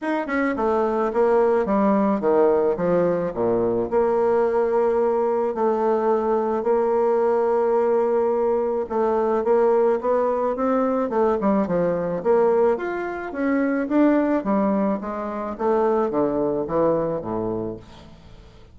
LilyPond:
\new Staff \with { instrumentName = "bassoon" } { \time 4/4 \tempo 4 = 108 dis'8 cis'8 a4 ais4 g4 | dis4 f4 ais,4 ais4~ | ais2 a2 | ais1 |
a4 ais4 b4 c'4 | a8 g8 f4 ais4 f'4 | cis'4 d'4 g4 gis4 | a4 d4 e4 a,4 | }